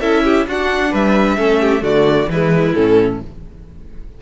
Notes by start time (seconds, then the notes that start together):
0.00 C#4 E4 A4 E5
0.23 G4
0.46 D4 F#4 F#5
0.91 G3 B4 E5
1.37 A3 C#4 A4
1.60 G4
1.79 D3 A3 F#4 D5
2.27 E3 G#3 E4 B4
2.74 A2 C#4 A4